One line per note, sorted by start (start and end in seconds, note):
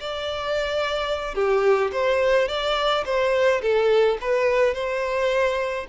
0.00 1.35 D5
1.35 1.91 G4
1.92 2.48 C5
2.48 3.04 D5
3.05 3.61 C5
3.62 4.18 A4
4.21 4.74 B4
4.74 5.86 C5